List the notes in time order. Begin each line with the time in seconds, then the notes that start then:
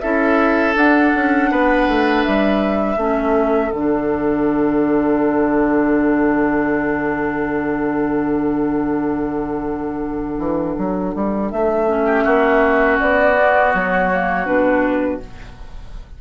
0.00 C#4 E4 A4 E5
0.75 D4 F#5
1.15 C#4
1.51 B3 B4
1.88 A3
2.24 G3 E5
2.97 A3 C#4 A4
3.71 D3 D4 F#5
10.38 E3
10.78 F#3
11.15 G3
11.51 A3 E5
11.87 C#4
12.05 G4
12.25 A#3 F#4
12.99 B3 D5
13.38 B3
13.74 F#3 C#5
14.12 A#3
14.46 B2 D4 B4